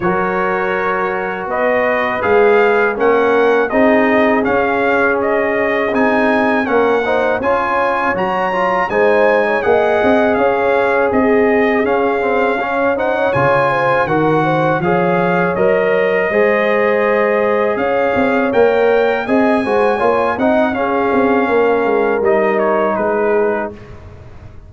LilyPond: <<
  \new Staff \with { instrumentName = "trumpet" } { \time 4/4 \tempo 4 = 81 cis''2 dis''4 f''4 | fis''4 dis''4 f''4 dis''4 | gis''4 fis''4 gis''4 ais''4 | gis''4 fis''4 f''4 dis''4 |
f''4. fis''8 gis''4 fis''4 | f''4 dis''2. | f''4 g''4 gis''4. fis''8 | f''2 dis''8 cis''8 b'4 | }
  \new Staff \with { instrumentName = "horn" } { \time 4/4 ais'2 b'2 | ais'4 gis'2.~ | gis'4 ais'8 c''8 cis''2 | c''8. cis''16 dis''4 cis''4 gis'4~ |
gis'4 cis''8 c''16 cis''8. c''8 ais'8 c''8 | cis''2 c''2 | cis''2 dis''8 c''8 cis''8 dis''8 | gis'4 ais'2 gis'4 | }
  \new Staff \with { instrumentName = "trombone" } { \time 4/4 fis'2. gis'4 | cis'4 dis'4 cis'2 | dis'4 cis'8 dis'8 f'4 fis'8 f'8 | dis'4 gis'2. |
cis'8 c'8 cis'8 dis'8 f'4 fis'4 | gis'4 ais'4 gis'2~ | gis'4 ais'4 gis'8 fis'8 f'8 dis'8 | cis'2 dis'2 | }
  \new Staff \with { instrumentName = "tuba" } { \time 4/4 fis2 b4 gis4 | ais4 c'4 cis'2 | c'4 ais4 cis'4 fis4 | gis4 ais8 c'8 cis'4 c'4 |
cis'2 cis4 dis4 | f4 fis4 gis2 | cis'8 c'8 ais4 c'8 gis8 ais8 c'8 | cis'8 c'8 ais8 gis8 g4 gis4 | }
>>